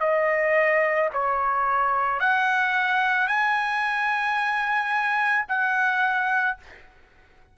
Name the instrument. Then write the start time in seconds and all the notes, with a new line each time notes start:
trumpet
0.00 D#5
1.13 C#5
2.20 F#5
3.27 G#5
5.48 F#5